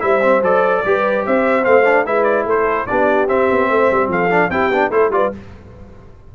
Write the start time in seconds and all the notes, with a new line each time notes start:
0.00 G3 E4 C5 E5
0.22 C4
0.42 F#3 A4 D5
0.85 G3 G4 B4
1.26 C4 C5 E5
1.63 A3 C4 F5
1.85 D4
2.06 G#3 E4 B4 E5
2.23 D5
2.45 A3 A4 C5
2.86 B3 D4 G4 D5
3.27 C4 E5
3.50 B3
3.69 A3 C5
3.91 G3
4.08 F3 A4 F5
4.30 D4
4.49 C4 E4 G4 G5
4.69 B3 D4
4.90 A3 E4 A4 C5
5.09 G3 F4 B4 D5